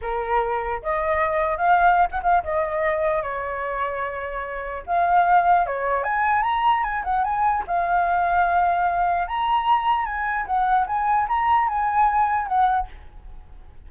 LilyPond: \new Staff \with { instrumentName = "flute" } { \time 4/4 \tempo 4 = 149 ais'2 dis''2 | f''4~ f''16 fis''16 f''8 dis''2 | cis''1 | f''2 cis''4 gis''4 |
ais''4 gis''8 fis''8 gis''4 f''4~ | f''2. ais''4~ | ais''4 gis''4 fis''4 gis''4 | ais''4 gis''2 fis''4 | }